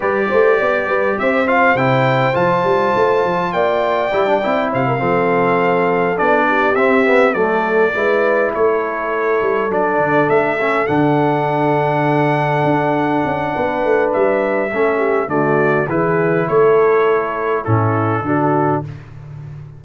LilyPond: <<
  \new Staff \with { instrumentName = "trumpet" } { \time 4/4 \tempo 4 = 102 d''2 e''8 f''8 g''4 | a''2 g''2 | f''2~ f''8 d''4 e''8~ | e''8 d''2 cis''4.~ |
cis''8 d''4 e''4 fis''4.~ | fis''1 | e''2 d''4 b'4 | cis''2 a'2 | }
  \new Staff \with { instrumentName = "horn" } { \time 4/4 b'8 c''8 d''8 b'8 c''2~ | c''2 d''2 | c''16 ais'16 a'2~ a'8 g'4~ | g'8 a'4 b'4 a'4.~ |
a'1~ | a'2. b'4~ | b'4 a'8 g'8 fis'4 gis'4 | a'2 e'4 fis'4 | }
  \new Staff \with { instrumentName = "trombone" } { \time 4/4 g'2~ g'8 f'8 e'4 | f'2. e'16 d'16 e'8~ | e'8 c'2 d'4 c'8 | b8 a4 e'2~ e'8~ |
e'8 d'4. cis'8 d'4.~ | d'1~ | d'4 cis'4 a4 e'4~ | e'2 cis'4 d'4 | }
  \new Staff \with { instrumentName = "tuba" } { \time 4/4 g8 a8 b8 g8 c'4 c4 | f8 g8 a8 f8 ais4 g8 c'8 | c8 f2 b4 c'8~ | c'8 fis4 gis4 a4. |
g8 fis8 d8 a4 d4.~ | d4. d'4 cis'8 b8 a8 | g4 a4 d4 e4 | a2 a,4 d4 | }
>>